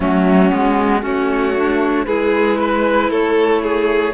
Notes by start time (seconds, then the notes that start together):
0.00 F#3 A3 C#4 F#4
0.50 G#3 B3
1.01 A3 C#4 F#4 C#5
1.55 D4
2.05 G#3 E4 G#4 B4
2.60 B4
3.10 A3 A4 C#5
3.62 G#4